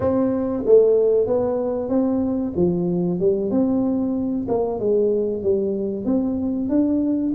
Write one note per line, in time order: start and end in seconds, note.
0.00 0.63 C4
0.65 1.26 A3
1.26 1.89 B3
1.89 2.52 C4
2.56 3.19 F3
3.19 3.50 G3
3.50 4.46 C4
4.48 4.79 A#3
4.79 5.43 G#3
5.43 6.05 G3
6.05 6.69 C4
6.69 7.33 D4